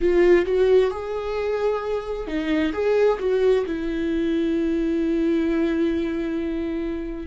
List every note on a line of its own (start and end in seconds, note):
0.00 0.45 F4
0.45 0.90 F#4
0.90 2.27 G#4
2.27 2.72 D#4
2.73 3.18 G#4
3.19 3.64 F#4
3.66 7.26 E4